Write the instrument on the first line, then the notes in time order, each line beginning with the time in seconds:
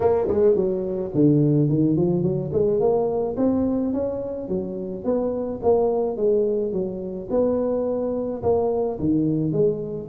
tuba
0.00 A#3
0.28 G#3
0.55 F#3
1.14 D3
1.68 D#3
1.96 F3
2.22 F#3
2.52 G#3
2.80 A#3
3.36 C4
3.93 C#4
4.48 F#3
5.04 B3
5.63 A#3
6.17 G#3
6.72 F#3
7.30 B3
8.42 A#3
8.99 D#3
9.52 G#3